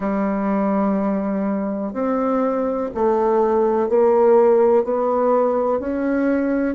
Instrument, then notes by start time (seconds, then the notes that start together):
bassoon
0.00 G3
1.93 C4
2.94 A3
3.88 A#3
4.83 B3
5.79 C#4